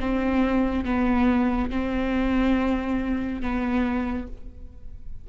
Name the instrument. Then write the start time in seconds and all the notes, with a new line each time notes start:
viola
0.00 C4
0.85 B3
1.71 C4
3.42 B3